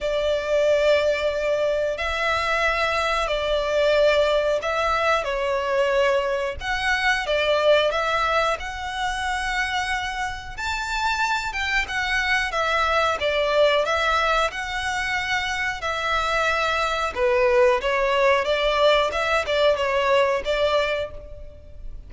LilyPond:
\new Staff \with { instrumentName = "violin" } { \time 4/4 \tempo 4 = 91 d''2. e''4~ | e''4 d''2 e''4 | cis''2 fis''4 d''4 | e''4 fis''2. |
a''4. g''8 fis''4 e''4 | d''4 e''4 fis''2 | e''2 b'4 cis''4 | d''4 e''8 d''8 cis''4 d''4 | }